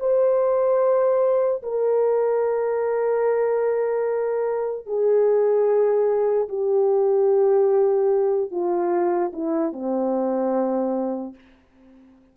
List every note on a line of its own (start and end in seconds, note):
0.00 1.62 C5
1.63 4.86 A#4
4.86 6.48 G#4
6.49 8.51 G4
8.51 9.32 F4
9.33 9.73 E4
9.73 11.35 C4